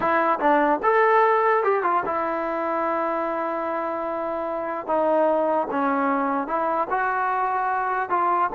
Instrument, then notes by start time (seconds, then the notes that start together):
trombone
0.00 E4
0.39 D4
0.82 A4
1.63 G4
1.83 F4
2.05 E4
4.86 D#4
5.71 C#4
6.47 E4
6.90 F#4
8.09 F4